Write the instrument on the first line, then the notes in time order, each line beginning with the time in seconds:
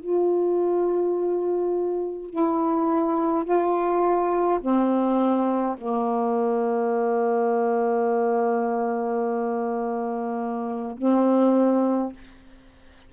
saxophone
0.00 F4
2.30 E4
3.45 F4
4.61 C4
5.78 A#3
10.98 C4